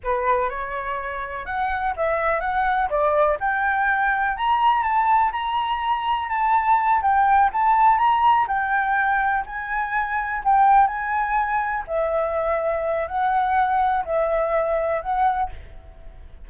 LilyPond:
\new Staff \with { instrumentName = "flute" } { \time 4/4 \tempo 4 = 124 b'4 cis''2 fis''4 | e''4 fis''4 d''4 g''4~ | g''4 ais''4 a''4 ais''4~ | ais''4 a''4. g''4 a''8~ |
a''8 ais''4 g''2 gis''8~ | gis''4. g''4 gis''4.~ | gis''8 e''2~ e''8 fis''4~ | fis''4 e''2 fis''4 | }